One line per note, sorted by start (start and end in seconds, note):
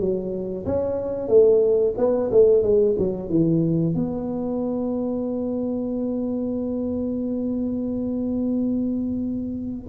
0.00 0.66 F#3
0.67 1.29 C#4
1.29 1.95 A3
1.98 2.31 B3
2.32 2.63 A3
2.63 2.96 G#3
2.99 3.29 F#3
3.29 3.95 E3
3.95 9.88 B3